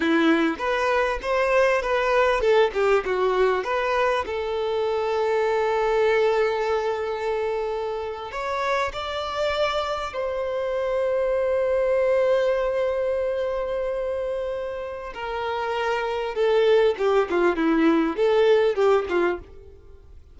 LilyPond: \new Staff \with { instrumentName = "violin" } { \time 4/4 \tempo 4 = 99 e'4 b'4 c''4 b'4 | a'8 g'8 fis'4 b'4 a'4~ | a'1~ | a'4.~ a'16 cis''4 d''4~ d''16~ |
d''8. c''2.~ c''16~ | c''1~ | c''4 ais'2 a'4 | g'8 f'8 e'4 a'4 g'8 f'8 | }